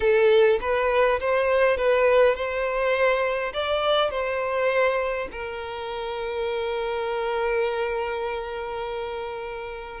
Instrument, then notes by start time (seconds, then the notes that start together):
violin
0.00 A4
0.60 B4
1.20 C5
1.77 B4
2.35 C5
3.53 D5
4.10 C5
5.31 A#4